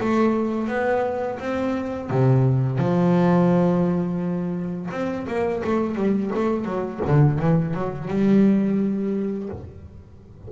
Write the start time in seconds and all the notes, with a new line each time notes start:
0.00 A3
0.68 B3
1.39 C4
2.10 C3
2.78 F3
4.91 C4
5.27 A#3
5.64 A3
5.95 G3
6.34 A3
6.64 F#3
7.07 D3
7.39 E3
7.74 F#3
8.08 G3